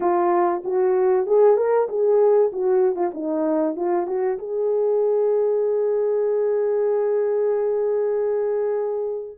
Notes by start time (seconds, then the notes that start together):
0.00 F4
0.64 F#4
1.26 G#4
1.56 A#4
1.88 G#4
2.52 F#4
2.95 F4
3.14 D#4
3.76 F4
4.06 F#4
4.38 G#4